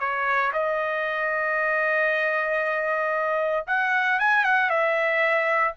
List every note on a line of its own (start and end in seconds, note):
0.00 0.52 C#5
0.53 3.66 D#5
3.67 4.20 F#5
4.20 4.45 G#5
4.45 4.70 F#5
4.70 5.75 E5